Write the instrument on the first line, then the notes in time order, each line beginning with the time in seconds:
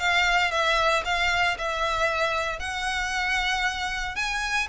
violin
0.00 F5
0.51 E5
1.05 F5
1.58 E5
2.59 F#5
4.15 G#5